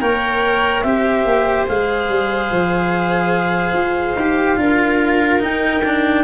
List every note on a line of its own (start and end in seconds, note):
0.00 0.84 A#3
0.00 0.83 A#4
0.00 0.85 C#5
0.00 0.83 G5
0.83 1.25 C4
0.83 1.67 G4
0.83 4.60 C5
0.83 1.66 E5
1.25 1.67 A#3
1.67 2.09 G#3
1.67 4.17 G#4
1.67 5.43 F5
2.09 2.51 G3
2.51 3.73 F3
3.73 4.15 F4
4.16 4.57 D#4
4.16 4.57 G4
4.57 5.41 D4
4.57 5.40 F4
4.57 6.24 A#4
5.40 5.82 D#4
5.40 6.24 D#4
5.40 6.24 G5
5.85 6.24 D4